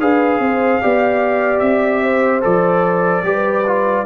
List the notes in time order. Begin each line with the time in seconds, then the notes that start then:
0.00 D4 G#4 B4 F5
0.39 C4 C5
0.81 B3 G4 D5
1.59 C4 E5
2.03 C5
2.41 F3 A4 D5
3.22 G3 G4 B4
3.66 F4